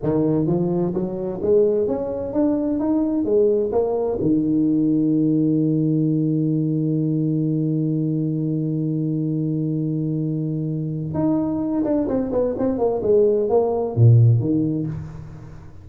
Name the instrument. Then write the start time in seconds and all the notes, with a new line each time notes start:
tuba
0.03 D#3
0.47 F3
0.94 F#3
1.42 G#3
1.87 C#4
2.33 D4
2.79 D#4
3.24 G#3
3.72 A#3
4.20 D#3
11.14 D#4
11.84 D4
12.07 C4
12.32 B3
12.58 C4
12.78 A#3
13.02 G#3
13.49 A#3
13.95 A#2
14.40 D#3